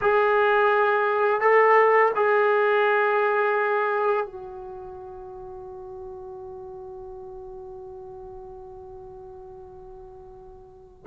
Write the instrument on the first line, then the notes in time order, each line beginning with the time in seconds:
trombone
0.01 G#4
1.40 A4
2.15 G#4
4.26 F#4